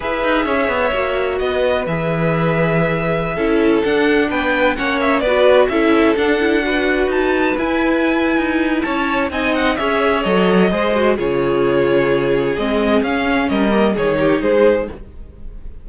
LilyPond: <<
  \new Staff \with { instrumentName = "violin" } { \time 4/4 \tempo 4 = 129 e''2. dis''4 | e''1~ | e''16 fis''4 g''4 fis''8 e''8 d''8.~ | d''16 e''4 fis''2 a''8.~ |
a''16 gis''2~ gis''8. a''4 | gis''8 fis''8 e''4 dis''2 | cis''2. dis''4 | f''4 dis''4 cis''4 c''4 | }
  \new Staff \with { instrumentName = "violin" } { \time 4/4 b'4 cis''2 b'4~ | b'2.~ b'16 a'8.~ | a'4~ a'16 b'4 cis''4 b'8.~ | b'16 a'2 b'4.~ b'16~ |
b'2. cis''4 | dis''4 cis''2 c''4 | gis'1~ | gis'4 ais'4 gis'8 g'8 gis'4 | }
  \new Staff \with { instrumentName = "viola" } { \time 4/4 gis'2 fis'2 | gis'2.~ gis'16 e'8.~ | e'16 d'2 cis'4 fis'8.~ | fis'16 e'4 d'8 e'8 fis'4.~ fis'16~ |
fis'16 e'2.~ e'8. | dis'4 gis'4 a'4 gis'8 fis'8 | f'2. c'4 | cis'4. ais8 dis'2 | }
  \new Staff \with { instrumentName = "cello" } { \time 4/4 e'8 dis'8 cis'8 b8 ais4 b4 | e2.~ e16 cis'8.~ | cis'16 d'4 b4 ais4 b8.~ | b16 cis'4 d'2 dis'8.~ |
dis'16 e'4.~ e'16 dis'4 cis'4 | c'4 cis'4 fis4 gis4 | cis2. gis4 | cis'4 g4 dis4 gis4 | }
>>